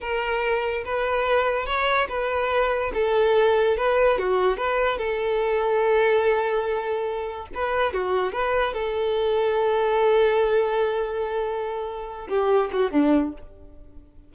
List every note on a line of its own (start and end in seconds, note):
0.00 0.84 A#4
0.84 1.66 B4
1.66 2.07 C#5
2.08 2.92 B4
2.94 3.77 A4
3.77 4.18 B4
4.18 4.57 F#4
4.57 4.98 B4
4.98 7.48 A4
7.54 7.93 B4
7.93 8.32 F#4
8.32 8.73 B4
8.73 12.27 A4
12.28 12.70 G4
12.72 12.91 F#4
12.91 13.32 D4